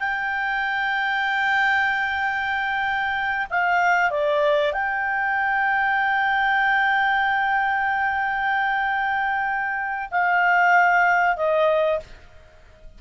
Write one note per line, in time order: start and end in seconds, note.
0.00 3.47 G5
3.51 4.11 F5
4.11 4.73 D5
4.73 10.10 G5
10.11 11.37 F5
11.37 12.00 D#5